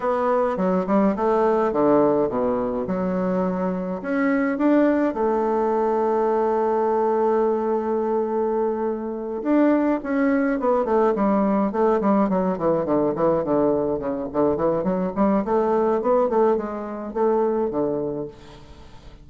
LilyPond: \new Staff \with { instrumentName = "bassoon" } { \time 4/4 \tempo 4 = 105 b4 fis8 g8 a4 d4 | b,4 fis2 cis'4 | d'4 a2.~ | a1~ |
a8 d'4 cis'4 b8 a8 g8~ | g8 a8 g8 fis8 e8 d8 e8 d8~ | d8 cis8 d8 e8 fis8 g8 a4 | b8 a8 gis4 a4 d4 | }